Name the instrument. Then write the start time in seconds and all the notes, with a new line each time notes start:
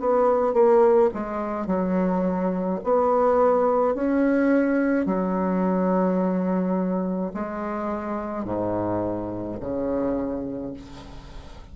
bassoon
0.00 B3
0.54 A#3
1.14 G#3
1.67 F#3
2.84 B3
3.95 C#4
5.06 F#3
7.34 G#3
8.45 G#2
9.61 C#3